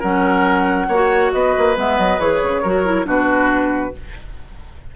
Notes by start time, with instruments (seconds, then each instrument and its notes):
0.00 bassoon F#3, clarinet C#4, oboe A#4, flute F#5
0.88 bassoon A#3, clarinet F#4, oboe C#5
1.33 bassoon B3, oboe B4, flute D#5
1.58 bassoon A#3
1.76 bassoon G#3, clarinet B3, flute E5
1.99 bassoon F#3, flute D#5
2.19 bassoon E3, clarinet G#4, flute C#5
2.43 bassoon C#3
2.62 bassoon F#3, clarinet F#4, oboe A#4
2.85 clarinet E4
3.05 bassoon B2, clarinet D4, oboe F#4, flute B4